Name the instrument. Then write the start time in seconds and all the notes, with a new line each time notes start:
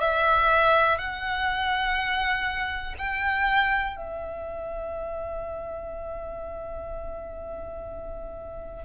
violin
0.00 E5
0.98 F#5
2.98 G5
3.96 E5